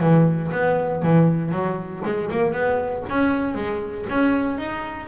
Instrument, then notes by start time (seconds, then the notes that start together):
double bass
0.00 E3
0.52 B3
1.02 E3
1.52 F#3
2.05 G#3
2.31 A#3
2.53 B3
3.09 C#4
3.55 G#3
4.10 C#4
4.58 D#4